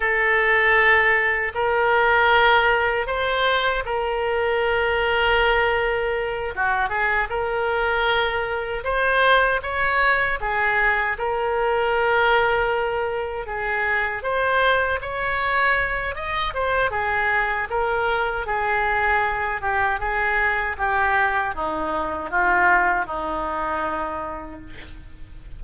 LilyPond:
\new Staff \with { instrumentName = "oboe" } { \time 4/4 \tempo 4 = 78 a'2 ais'2 | c''4 ais'2.~ | ais'8 fis'8 gis'8 ais'2 c''8~ | c''8 cis''4 gis'4 ais'4.~ |
ais'4. gis'4 c''4 cis''8~ | cis''4 dis''8 c''8 gis'4 ais'4 | gis'4. g'8 gis'4 g'4 | dis'4 f'4 dis'2 | }